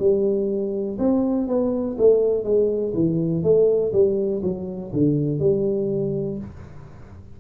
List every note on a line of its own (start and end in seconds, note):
0.00 0.98 G3
0.99 1.48 C4
1.48 1.97 B3
1.99 2.44 A3
2.44 2.93 G#3
2.95 3.43 E3
3.43 3.93 A3
3.93 4.42 G3
4.43 4.92 F#3
4.94 5.40 D3
5.40 6.38 G3